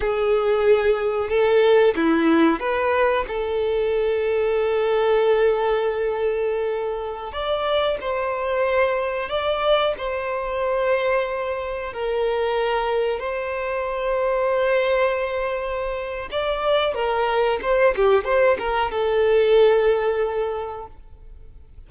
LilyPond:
\new Staff \with { instrumentName = "violin" } { \time 4/4 \tempo 4 = 92 gis'2 a'4 e'4 | b'4 a'2.~ | a'2.~ a'16 d''8.~ | d''16 c''2 d''4 c''8.~ |
c''2~ c''16 ais'4.~ ais'16~ | ais'16 c''2.~ c''8.~ | c''4 d''4 ais'4 c''8 g'8 | c''8 ais'8 a'2. | }